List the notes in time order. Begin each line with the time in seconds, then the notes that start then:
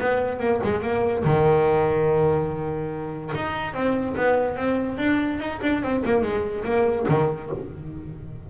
0.00 B3
0.40 A#3
0.63 G#3
0.82 A#3
1.24 D#3
3.35 D#4
3.74 C4
4.16 B3
4.56 C4
4.98 D4
5.39 D#4
5.62 D4
5.83 C4
6.05 A#3
6.22 G#3
6.64 A#3
7.09 D#3